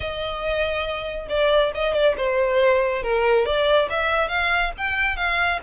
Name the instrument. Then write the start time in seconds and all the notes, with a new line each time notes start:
violin
0.00 D#5
1.29 D5
1.74 D#5
1.93 D5
2.17 C5
3.02 A#4
3.45 D5
3.90 E5
4.28 F5
4.77 G5
5.16 F5